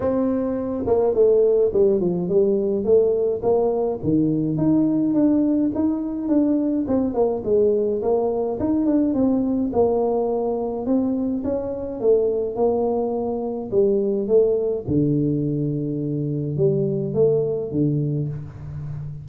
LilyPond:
\new Staff \with { instrumentName = "tuba" } { \time 4/4 \tempo 4 = 105 c'4. ais8 a4 g8 f8 | g4 a4 ais4 dis4 | dis'4 d'4 dis'4 d'4 | c'8 ais8 gis4 ais4 dis'8 d'8 |
c'4 ais2 c'4 | cis'4 a4 ais2 | g4 a4 d2~ | d4 g4 a4 d4 | }